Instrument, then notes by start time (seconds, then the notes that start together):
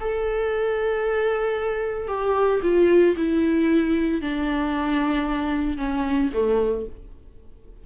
viola
0.00 A4
2.08 G4
2.62 F4
3.17 E4
4.22 D4
5.77 C#4
6.33 A3